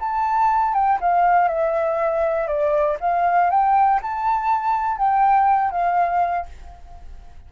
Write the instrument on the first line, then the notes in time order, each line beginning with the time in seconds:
flute
0.00 A5
0.74 G5
1.01 F5
1.48 E5
2.48 D5
3.00 F5
3.50 G5
4.02 A5
4.97 G5
5.71 F5